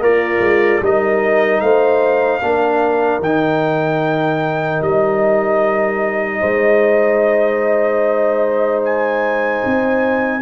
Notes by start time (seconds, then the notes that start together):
0.00 A#3 F4 A#4 D5
0.40 G#3
0.81 G3 D#4 A#4 D#5
1.61 A3 C5 F5
2.42 A#3 D4 A#4
3.20 D#3 D#4 G5
4.82 G3 D#5
6.40 G#3 C5
8.85 G#5
9.66 C4